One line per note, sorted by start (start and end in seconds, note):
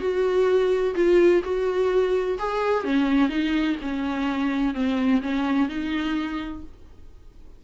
0.00 0.94 F#4
0.95 1.42 F4
1.44 2.38 F#4
2.39 2.84 G#4
2.84 3.29 C#4
3.29 3.76 D#4
3.81 4.74 C#4
4.74 5.22 C4
5.22 5.69 C#4
5.69 6.63 D#4